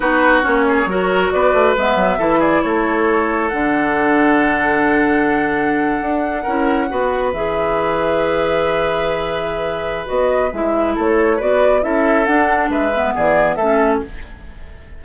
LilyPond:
<<
  \new Staff \with { instrumentName = "flute" } { \time 4/4 \tempo 4 = 137 b'4 cis''2 d''4 | e''4. d''8 cis''2 | fis''1~ | fis''1~ |
fis''8. e''2.~ e''16~ | e''2. dis''4 | e''4 cis''4 d''4 e''4 | fis''4 e''4 d''4 e''4 | }
  \new Staff \with { instrumentName = "oboe" } { \time 4/4 fis'4. gis'8 ais'4 b'4~ | b'4 a'8 gis'8 a'2~ | a'1~ | a'2~ a'8. ais'4 b'16~ |
b'1~ | b'1~ | b'4 a'4 b'4 a'4~ | a'4 b'4 gis'4 a'4 | }
  \new Staff \with { instrumentName = "clarinet" } { \time 4/4 dis'4 cis'4 fis'2 | b4 e'2. | d'1~ | d'2~ d'8. e'4 fis'16~ |
fis'8. gis'2.~ gis'16~ | gis'2. fis'4 | e'2 fis'4 e'4 | d'4. b4. cis'4 | }
  \new Staff \with { instrumentName = "bassoon" } { \time 4/4 b4 ais4 fis4 b8 a8 | gis8 fis8 e4 a2 | d1~ | d4.~ d16 d'4 cis'4 b16~ |
b8. e2.~ e16~ | e2. b4 | gis4 a4 b4 cis'4 | d'4 gis4 e4 a4 | }
>>